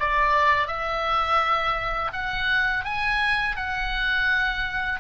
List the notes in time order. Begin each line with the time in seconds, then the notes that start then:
0.00 D5
0.68 E5
2.13 F#5
2.85 G#5
3.57 F#5